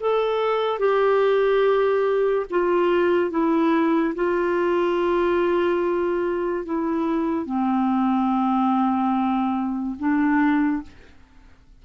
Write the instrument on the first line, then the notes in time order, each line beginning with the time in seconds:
clarinet
0.00 A4
0.79 G4
2.50 F4
3.30 E4
4.15 F4
6.65 E4
7.45 C4
9.98 D4